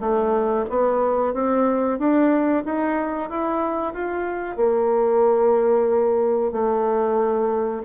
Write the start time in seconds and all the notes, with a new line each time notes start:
0.00 A3
0.69 B3
1.33 C4
1.98 D4
2.65 D#4
3.29 E4
3.93 F4
4.56 A#3
6.52 A3